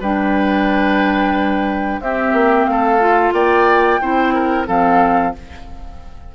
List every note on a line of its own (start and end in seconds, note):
0.00 2.00 G3
0.00 2.01 D4
0.00 2.00 B4
0.00 2.01 G5
2.00 2.32 C4
2.00 3.00 C4
2.00 2.70 G4
2.00 2.66 E5
2.32 2.66 A#3
2.66 3.32 A3
2.66 3.34 A4
2.66 3.32 F5
3.00 4.00 F4
3.32 3.99 A#3
3.32 4.00 D5
3.32 4.67 G5
4.01 4.67 C4
4.01 4.67 E4
4.01 4.34 C5
4.34 4.67 A#4
4.67 5.34 F3
4.67 5.33 C4
4.67 5.34 A4
4.67 5.35 F5